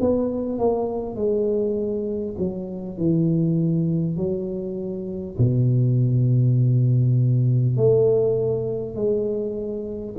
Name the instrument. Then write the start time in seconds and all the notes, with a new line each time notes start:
tuba
0.00 B3
0.58 A#3
1.15 G#3
2.38 F#3
2.97 E3
4.16 F#3
5.38 B2
7.76 A3
8.95 G#3